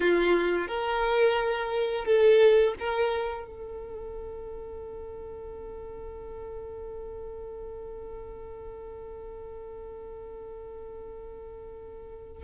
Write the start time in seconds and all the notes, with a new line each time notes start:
0.00 F4
0.67 A#4
2.05 A4
2.79 A#4
3.47 A4